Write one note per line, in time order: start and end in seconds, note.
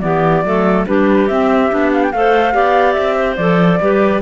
0.00 0.44 E3
0.00 0.44 B3
0.00 0.45 G4
0.00 0.84 D5
0.44 0.86 F#3
0.44 0.87 A3
0.44 0.87 A4
0.87 1.30 G3
0.87 1.29 D4
0.87 2.14 G4
0.87 1.28 B4
1.28 1.70 C4
1.28 1.72 C4
1.28 1.91 E5
1.70 2.13 B3
1.70 2.12 D4
1.94 2.04 F5
2.04 2.12 G5
2.12 2.55 A3
2.12 2.53 A4
2.12 2.55 C5
2.12 2.93 F5
2.53 2.97 B3
2.53 3.37 G4
2.53 3.16 D5
2.93 3.37 C4
2.93 3.35 E5
3.16 3.79 C5
3.36 3.79 F3
3.36 3.81 A4
3.36 4.20 D5
3.81 4.22 G3
3.81 4.22 G4
3.81 4.22 B4